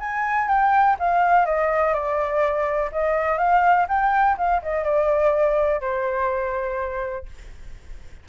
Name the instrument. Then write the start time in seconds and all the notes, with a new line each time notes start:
flute
0.00 G#5
0.48 G5
0.99 F5
1.46 D#5
1.94 D5
2.92 D#5
3.38 F5
3.89 G5
4.38 F5
4.62 D#5
4.84 D5
5.81 C5